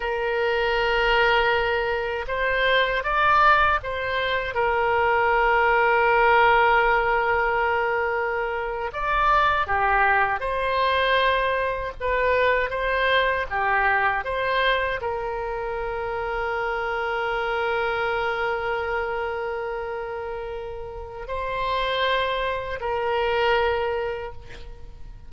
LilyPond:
\new Staff \with { instrumentName = "oboe" } { \time 4/4 \tempo 4 = 79 ais'2. c''4 | d''4 c''4 ais'2~ | ais'2.~ ais'8. d''16~ | d''8. g'4 c''2 b'16~ |
b'8. c''4 g'4 c''4 ais'16~ | ais'1~ | ais'1 | c''2 ais'2 | }